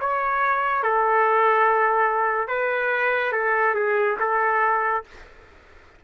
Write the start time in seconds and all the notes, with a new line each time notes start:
0.00 C#5
0.83 A4
2.48 B4
3.32 A4
3.75 G#4
4.19 A4